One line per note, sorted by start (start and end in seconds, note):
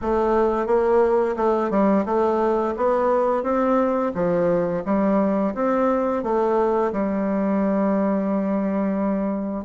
0.01 0.66 A3
0.66 1.35 A#3
1.36 1.70 A3
1.70 2.04 G3
2.05 2.74 A3
2.76 3.43 B3
3.43 4.12 C4
4.14 4.83 F3
4.85 5.54 G3
5.54 6.23 C4
6.23 6.92 A3
6.92 9.65 G3